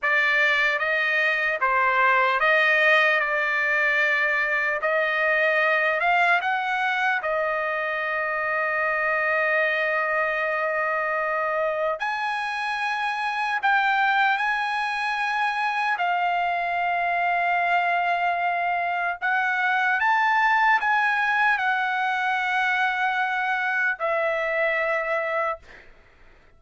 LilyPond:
\new Staff \with { instrumentName = "trumpet" } { \time 4/4 \tempo 4 = 75 d''4 dis''4 c''4 dis''4 | d''2 dis''4. f''8 | fis''4 dis''2.~ | dis''2. gis''4~ |
gis''4 g''4 gis''2 | f''1 | fis''4 a''4 gis''4 fis''4~ | fis''2 e''2 | }